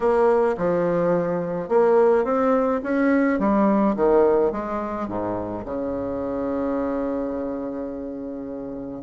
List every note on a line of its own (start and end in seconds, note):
0.00 0.55 A#3
0.57 1.68 F3
1.68 2.24 A#3
2.24 2.80 C4
2.83 3.39 C#4
3.39 3.95 G3
3.95 4.52 D#3
4.52 5.08 G#3
5.08 5.64 G#2
5.65 9.02 C#3